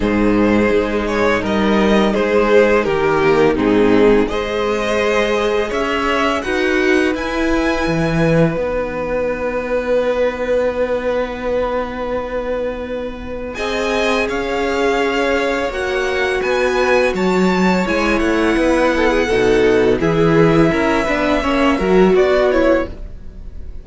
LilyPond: <<
  \new Staff \with { instrumentName = "violin" } { \time 4/4 \tempo 4 = 84 c''4. cis''8 dis''4 c''4 | ais'4 gis'4 dis''2 | e''4 fis''4 gis''2 | fis''1~ |
fis''2. gis''4 | f''2 fis''4 gis''4 | a''4 gis''8 fis''2~ fis''8 | e''2. d''8 cis''8 | }
  \new Staff \with { instrumentName = "violin" } { \time 4/4 gis'2 ais'4 gis'4 | g'4 dis'4 c''2 | cis''4 b'2.~ | b'1~ |
b'2. dis''4 | cis''2. b'4 | cis''2 b'8 a'16 gis'16 a'4 | gis'4 ais'8 b'8 cis''8 ais'8 fis'4 | }
  \new Staff \with { instrumentName = "viola" } { \time 4/4 dis'1~ | dis'8 ais8 c'4 gis'2~ | gis'4 fis'4 e'2 | dis'1~ |
dis'2. gis'4~ | gis'2 fis'2~ | fis'4 e'2 dis'4 | e'4. d'8 cis'8 fis'4 e'8 | }
  \new Staff \with { instrumentName = "cello" } { \time 4/4 gis,4 gis4 g4 gis4 | dis4 gis,4 gis2 | cis'4 dis'4 e'4 e4 | b1~ |
b2. c'4 | cis'2 ais4 b4 | fis4 gis8 a8 b4 b,4 | e4 cis'8 b8 ais8 fis8 b4 | }
>>